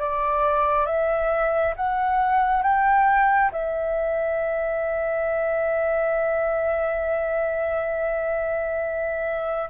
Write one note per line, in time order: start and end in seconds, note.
0.00 0.86 D5
0.86 1.74 E5
1.76 2.63 F#5
2.63 3.51 G5
3.52 9.69 E5